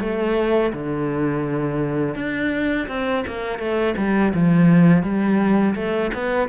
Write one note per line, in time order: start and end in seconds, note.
0.00 0.72 A3
0.73 2.15 D3
2.15 2.88 D4
2.88 3.24 C4
3.27 3.59 A#3
3.59 3.95 A3
3.97 4.33 G3
4.34 5.03 F3
5.03 5.75 G3
5.75 6.12 A3
6.14 6.49 B3